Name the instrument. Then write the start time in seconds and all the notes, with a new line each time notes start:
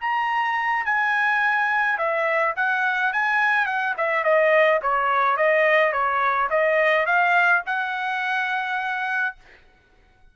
trumpet
0.00 A#5
0.85 G#5
1.98 E5
2.56 F#5
3.12 G#5
3.66 F#5
3.97 E5
4.23 D#5
4.82 C#5
5.36 D#5
5.92 C#5
6.50 D#5
7.05 F5
7.66 F#5